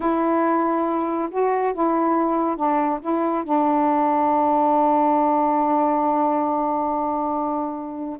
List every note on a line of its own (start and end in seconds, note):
0.00 1.29 E4
1.30 1.73 F#4
1.73 2.56 E4
2.56 2.99 D4
3.01 3.44 E4
3.44 8.19 D4